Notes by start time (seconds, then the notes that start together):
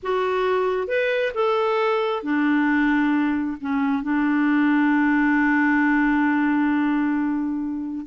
0.02 F#4
0.87 B4
1.34 A4
2.22 D4
3.60 C#4
4.02 D4